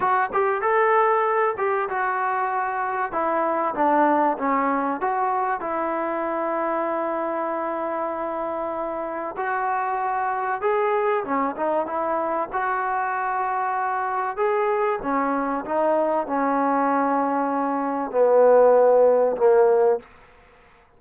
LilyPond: \new Staff \with { instrumentName = "trombone" } { \time 4/4 \tempo 4 = 96 fis'8 g'8 a'4. g'8 fis'4~ | fis'4 e'4 d'4 cis'4 | fis'4 e'2.~ | e'2. fis'4~ |
fis'4 gis'4 cis'8 dis'8 e'4 | fis'2. gis'4 | cis'4 dis'4 cis'2~ | cis'4 b2 ais4 | }